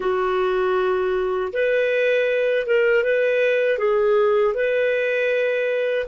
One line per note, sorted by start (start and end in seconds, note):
0.00 1.52 F#4
1.52 2.66 B4
2.66 3.03 A#4
3.03 3.78 B4
3.78 4.54 G#4
4.54 6.06 B4